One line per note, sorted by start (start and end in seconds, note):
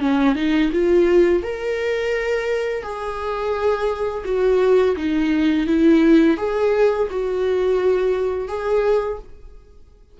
0.00 0.35 C#4
0.35 0.71 D#4
0.73 1.43 F4
1.43 2.83 A#4
2.83 4.24 G#4
4.25 4.96 F#4
4.97 5.67 D#4
5.67 6.37 E4
6.37 7.08 G#4
7.10 8.48 F#4
8.48 9.19 G#4